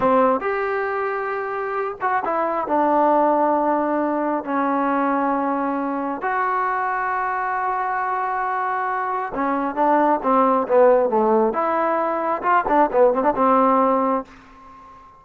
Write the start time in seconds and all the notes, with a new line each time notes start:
0.00 C4
0.40 G4
2.01 F#4
2.24 E4
2.67 D4
4.44 C#4
6.21 F#4
9.34 C#4
9.75 D4
10.22 C4
10.67 B3
11.09 A3
11.53 E4
12.42 F4
12.68 D4
12.92 B3
13.13 C4
13.23 D4
13.35 C4